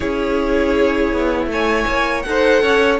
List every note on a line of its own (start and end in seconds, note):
0.00 1.12 C#4
0.00 2.24 E4
0.00 1.47 G#4
0.00 1.49 C#5
1.12 1.47 B3
1.47 1.84 A3
1.47 2.26 C#5
1.47 2.22 G#5
1.88 2.25 A#3
2.22 2.62 D#4
2.22 2.99 A4
2.22 2.97 F#5
2.29 2.62 C5
2.62 2.99 C#4
2.62 2.99 C#5